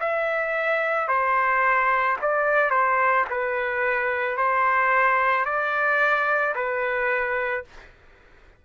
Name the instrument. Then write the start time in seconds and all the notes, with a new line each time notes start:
trumpet
0.00 E5
1.08 C5
2.22 D5
2.71 C5
3.30 B4
4.37 C5
5.45 D5
6.56 B4